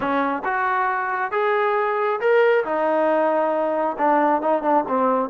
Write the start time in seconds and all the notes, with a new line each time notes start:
0.00 C#4
0.44 F#4
1.31 G#4
2.20 A#4
2.64 D#4
3.98 D4
4.41 D#4
4.62 D4
4.87 C4